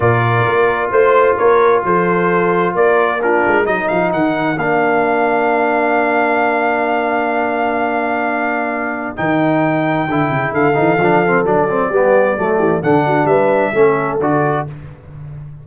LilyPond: <<
  \new Staff \with { instrumentName = "trumpet" } { \time 4/4 \tempo 4 = 131 d''2 c''4 cis''4 | c''2 d''4 ais'4 | dis''8 f''8 fis''4 f''2~ | f''1~ |
f''1 | g''2. f''4~ | f''4 d''2. | fis''4 e''2 d''4 | }
  \new Staff \with { instrumentName = "horn" } { \time 4/4 ais'2 c''4 ais'4 | a'2 ais'4 f'4 | ais'1~ | ais'1~ |
ais'1~ | ais'2. a'4~ | a'2 g'4 a'8 g'8 | a'8 fis'8 b'4 a'2 | }
  \new Staff \with { instrumentName = "trombone" } { \time 4/4 f'1~ | f'2. d'4 | dis'2 d'2~ | d'1~ |
d'1 | dis'2 e'4. dis'8 | d'8 c'8 d'8 c'8 b4 a4 | d'2 cis'4 fis'4 | }
  \new Staff \with { instrumentName = "tuba" } { \time 4/4 ais,4 ais4 a4 ais4 | f2 ais4. gis8 | fis8 f8 dis4 ais2~ | ais1~ |
ais1 | dis2 d8 cis8 d8 e8 | f4 fis4 g4 fis8 e8 | d4 g4 a4 d4 | }
>>